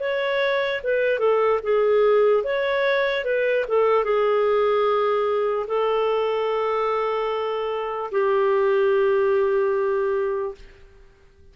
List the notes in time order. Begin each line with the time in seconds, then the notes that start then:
0.00 C#5
0.84 B4
1.19 A4
1.63 G#4
2.44 C#5
3.25 B4
3.68 A4
4.04 G#4
5.68 A4
8.11 G4